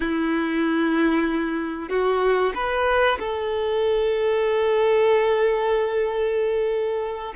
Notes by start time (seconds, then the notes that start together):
0.00 E4
1.89 F#4
2.54 B4
3.19 A4